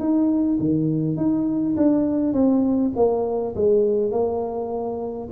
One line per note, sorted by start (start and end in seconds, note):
0.00 0.59 D#4
0.60 1.17 D#3
1.17 1.76 D#4
1.77 2.33 D4
2.33 2.92 C4
2.96 3.55 A#3
3.56 4.11 G#3
4.11 5.29 A#3